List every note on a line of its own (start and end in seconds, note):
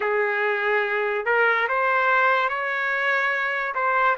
0.00 1.25 G#4
1.25 1.67 A#4
1.68 2.49 C5
2.49 3.74 C#5
3.74 4.16 C5